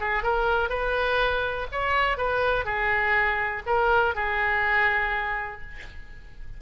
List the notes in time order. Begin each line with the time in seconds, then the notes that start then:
0.00 G#4
0.23 A#4
0.70 B4
1.72 C#5
2.18 B4
2.65 G#4
3.66 A#4
4.15 G#4